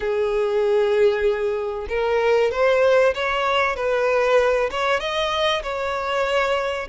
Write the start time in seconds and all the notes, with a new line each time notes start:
0.00 G#4
1.89 A#4
2.51 C5
3.14 C#5
3.76 B4
4.70 C#5
5.00 D#5
5.62 C#5